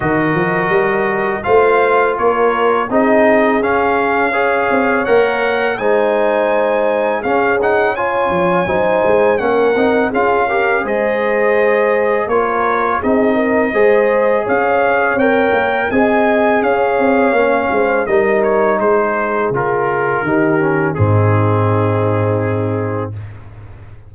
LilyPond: <<
  \new Staff \with { instrumentName = "trumpet" } { \time 4/4 \tempo 4 = 83 dis''2 f''4 cis''4 | dis''4 f''2 fis''4 | gis''2 f''8 fis''8 gis''4~ | gis''4 fis''4 f''4 dis''4~ |
dis''4 cis''4 dis''2 | f''4 g''4 gis''4 f''4~ | f''4 dis''8 cis''8 c''4 ais'4~ | ais'4 gis'2. | }
  \new Staff \with { instrumentName = "horn" } { \time 4/4 ais'2 c''4 ais'4 | gis'2 cis''2 | c''2 gis'4 cis''4 | c''4 ais'4 gis'8 ais'8 c''4~ |
c''4 ais'4 gis'8 ais'8 c''4 | cis''2 dis''4 cis''4~ | cis''8 c''8 ais'4 gis'2 | g'4 dis'2. | }
  \new Staff \with { instrumentName = "trombone" } { \time 4/4 fis'2 f'2 | dis'4 cis'4 gis'4 ais'4 | dis'2 cis'8 dis'8 f'4 | dis'4 cis'8 dis'8 f'8 g'8 gis'4~ |
gis'4 f'4 dis'4 gis'4~ | gis'4 ais'4 gis'2 | cis'4 dis'2 f'4 | dis'8 cis'8 c'2. | }
  \new Staff \with { instrumentName = "tuba" } { \time 4/4 dis8 f8 g4 a4 ais4 | c'4 cis'4. c'8 ais4 | gis2 cis'4. f8 | fis8 gis8 ais8 c'8 cis'4 gis4~ |
gis4 ais4 c'4 gis4 | cis'4 c'8 ais8 c'4 cis'8 c'8 | ais8 gis8 g4 gis4 cis4 | dis4 gis,2. | }
>>